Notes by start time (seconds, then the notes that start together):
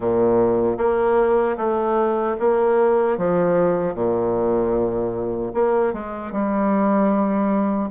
0.00 A#2
0.77 A#3
1.57 A3
2.39 A#3
3.17 F3
3.94 A#2
5.54 A#3
5.93 G#3
6.32 G3